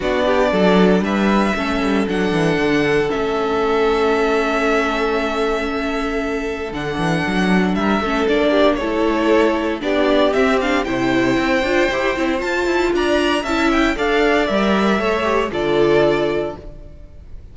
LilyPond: <<
  \new Staff \with { instrumentName = "violin" } { \time 4/4 \tempo 4 = 116 d''2 e''2 | fis''2 e''2~ | e''1~ | e''4 fis''2 e''4 |
d''4 cis''2 d''4 | e''8 f''8 g''2. | a''4 ais''4 a''8 g''8 f''4 | e''2 d''2 | }
  \new Staff \with { instrumentName = "violin" } { \time 4/4 fis'8 g'8 a'4 b'4 a'4~ | a'1~ | a'1~ | a'2. ais'8 a'8~ |
a'8 g'8 a'2 g'4~ | g'4 c''2.~ | c''4 d''4 e''4 d''4~ | d''4 cis''4 a'2 | }
  \new Staff \with { instrumentName = "viola" } { \time 4/4 d'2. cis'4 | d'2 cis'2~ | cis'1~ | cis'4 d'2~ d'8 cis'8 |
d'4 e'2 d'4 | c'8 d'8 e'4. f'8 g'8 e'8 | f'2 e'4 a'4 | ais'4 a'8 g'8 f'2 | }
  \new Staff \with { instrumentName = "cello" } { \time 4/4 b4 fis4 g4 a8 g8 | fis8 e8 d4 a2~ | a1~ | a4 d8 e8 fis4 g8 a8 |
ais4 a2 b4 | c'4 c4 c'8 d'8 e'8 c'8 | f'8 e'8 d'4 cis'4 d'4 | g4 a4 d2 | }
>>